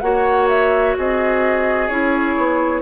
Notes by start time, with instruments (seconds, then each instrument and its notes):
0.00 bassoon A#3, clarinet F#4, oboe C#5, flute F#5
0.48 flute E5
0.97 bassoon C4, oboe G#4, flute D#5
1.88 bassoon C#4, clarinet E4, flute C#5
2.37 bassoon B3